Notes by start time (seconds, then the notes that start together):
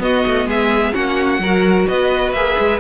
0.00 B3 F#4 D#5
0.27 A3
0.46 G#3 G#4 E5
0.93 A#3 C#4 F#4 F#5
1.39 F#3 F#4 A#4
1.88 B3 B4 D#5
2.33 A#3 G#4 E5
2.59 G#3